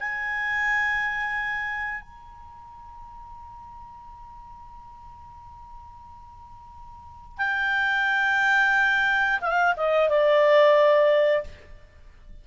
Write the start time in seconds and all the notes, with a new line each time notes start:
0.00 G#5
2.02 A#5
7.38 G5
9.41 F5
9.77 D#5
10.09 D5